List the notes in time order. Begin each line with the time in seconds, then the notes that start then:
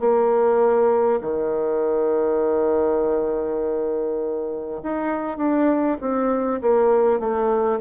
0.00 A#3
1.22 D#3
4.83 D#4
5.37 D4
6.01 C4
6.62 A#3
7.20 A3